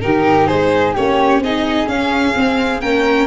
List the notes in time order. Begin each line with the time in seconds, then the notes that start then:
0.00 D#3 D#4 G4 A#4
0.47 G#3 G#4 C5
0.94 A#3 C#4 G4 C#5
1.38 C4 D#4 G#4 D#5
1.86 C#4 F5
2.33 C4
2.81 A#3 C#4 A#4 G5